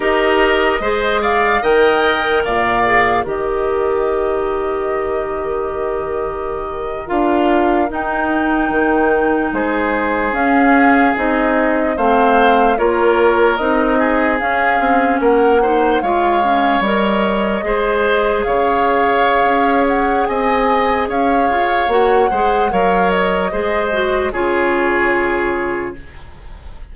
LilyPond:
<<
  \new Staff \with { instrumentName = "flute" } { \time 4/4 \tempo 4 = 74 dis''4. f''8 g''4 f''4 | dis''1~ | dis''8. f''4 g''2 c''16~ | c''8. f''4 dis''4 f''4 cis''16~ |
cis''8. dis''4 f''4 fis''4 f''16~ | f''8. dis''2 f''4~ f''16~ | f''8 fis''8 gis''4 f''4 fis''4 | f''8 dis''4. cis''2 | }
  \new Staff \with { instrumentName = "oboe" } { \time 4/4 ais'4 c''8 d''8 dis''4 d''4 | ais'1~ | ais'2.~ ais'8. gis'16~ | gis'2~ gis'8. c''4 ais'16~ |
ais'4~ ais'16 gis'4. ais'8 c''8 cis''16~ | cis''4.~ cis''16 c''4 cis''4~ cis''16~ | cis''4 dis''4 cis''4. c''8 | cis''4 c''4 gis'2 | }
  \new Staff \with { instrumentName = "clarinet" } { \time 4/4 g'4 gis'4 ais'4. gis'8 | g'1~ | g'8. f'4 dis'2~ dis'16~ | dis'8. cis'4 dis'4 c'4 f'16~ |
f'8. dis'4 cis'4. dis'8 f'16~ | f'16 cis'8 ais'4 gis'2~ gis'16~ | gis'2. fis'8 gis'8 | ais'4 gis'8 fis'8 f'2 | }
  \new Staff \with { instrumentName = "bassoon" } { \time 4/4 dis'4 gis4 dis4 ais,4 | dis1~ | dis8. d'4 dis'4 dis4 gis16~ | gis8. cis'4 c'4 a4 ais16~ |
ais8. c'4 cis'8 c'8 ais4 gis16~ | gis8. g4 gis4 cis4~ cis16 | cis'4 c'4 cis'8 f'8 ais8 gis8 | fis4 gis4 cis2 | }
>>